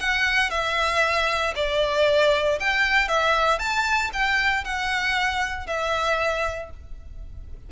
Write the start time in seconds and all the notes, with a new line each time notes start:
0.00 F#5
0.51 E5
1.56 D5
2.60 G5
3.09 E5
3.59 A5
4.14 G5
4.65 F#5
5.67 E5